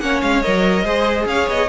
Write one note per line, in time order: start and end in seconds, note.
0.00 0.21 A#3
0.00 0.44 C#4
0.00 0.85 C#5
0.00 0.21 F#5
0.22 0.44 G#3
0.22 0.42 F5
0.42 0.83 F#3
0.42 0.85 A#4
0.42 1.27 D#5
0.83 1.26 G#3
0.83 1.69 G#4
0.83 1.27 C5
1.26 1.47 C#4
1.26 1.69 C#5
1.26 1.49 F5
1.48 1.69 B3
1.48 1.69 D#5